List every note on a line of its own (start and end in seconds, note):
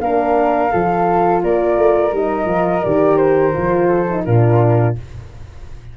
0.00 0.71 A#3
0.00 0.72 D4
0.00 0.72 A#4
0.00 1.42 F5
0.72 1.43 F3
0.72 2.13 F4
0.72 1.42 A4
1.43 1.78 A#3
1.43 3.88 A#4
1.43 2.14 D5
1.78 2.13 A3
2.13 2.46 G3
2.13 2.47 D#4
2.13 2.84 D#5
2.46 2.81 F3
2.46 2.82 F4
2.84 3.57 D#3
2.84 3.54 G4
2.84 3.17 D5
3.17 4.23 C5
3.54 4.27 F3
3.54 4.07 F4
3.88 4.23 A4
4.10 4.26 D#4
4.25 4.97 A#2
4.25 4.97 D4
4.25 4.96 F4
4.25 4.95 A#4